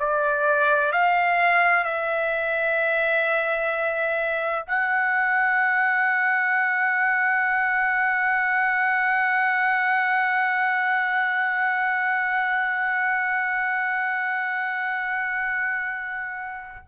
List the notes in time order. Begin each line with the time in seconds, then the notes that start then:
0.00 D5
0.92 F5
1.85 E5
4.67 F#5